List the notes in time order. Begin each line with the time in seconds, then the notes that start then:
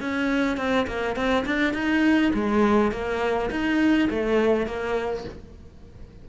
0.00 C#4
0.57 C4
0.87 A#3
1.16 C4
1.46 D4
1.73 D#4
2.34 G#3
2.91 A#3
3.50 D#4
4.10 A3
4.66 A#3